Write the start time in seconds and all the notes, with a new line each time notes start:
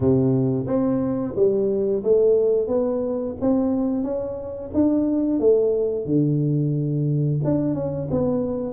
0.00 C3
0.66 C4
1.35 G3
2.03 A3
2.67 B3
3.40 C4
4.03 C#4
4.73 D4
5.39 A3
6.05 D3
7.44 D4
7.74 C#4
8.11 B3